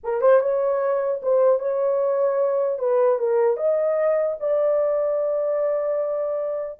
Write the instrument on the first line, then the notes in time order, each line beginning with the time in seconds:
horn
0.03 A#4
0.21 C5
0.41 C#5
1.22 C5
1.59 C#5
2.79 B4
3.18 A#4
3.57 D#5
4.39 D5